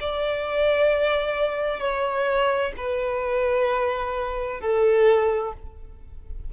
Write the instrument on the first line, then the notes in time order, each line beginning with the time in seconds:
violin
0.00 D5
1.80 C#5
2.77 B4
4.61 A4